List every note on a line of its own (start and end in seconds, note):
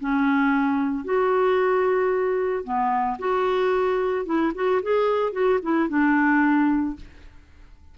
0.00 1.04 C#4
1.04 2.64 F#4
2.64 3.18 B3
3.19 4.26 F#4
4.26 4.52 E4
4.55 4.82 F#4
4.83 5.33 G#4
5.33 5.59 F#4
5.62 5.89 E4
5.89 6.96 D4